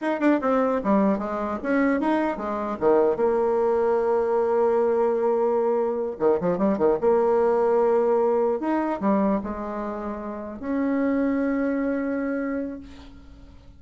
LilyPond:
\new Staff \with { instrumentName = "bassoon" } { \time 4/4 \tempo 4 = 150 dis'8 d'8 c'4 g4 gis4 | cis'4 dis'4 gis4 dis4 | ais1~ | ais2.~ ais8 dis8 |
f8 g8 dis8 ais2~ ais8~ | ais4. dis'4 g4 gis8~ | gis2~ gis8 cis'4.~ | cis'1 | }